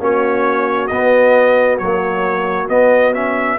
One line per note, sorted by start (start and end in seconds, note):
0.00 0.90 A#3
0.00 0.90 C#4
0.00 3.59 F#4
0.00 0.87 C#5
0.87 1.81 B3
0.87 1.80 B3
0.87 1.77 D#5
1.79 2.70 F#3
1.79 2.69 A#3
1.79 2.68 C#5
2.69 3.59 B3
2.69 3.14 B3
2.69 3.14 D#5
3.14 3.59 C#4
3.14 3.59 E5